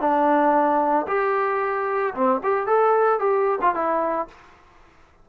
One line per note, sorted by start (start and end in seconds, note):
0.00 1.06 D4
1.08 2.14 G4
2.14 2.41 C4
2.43 2.67 G4
2.67 3.19 A4
3.19 3.59 G4
3.61 3.75 F4
3.75 4.28 E4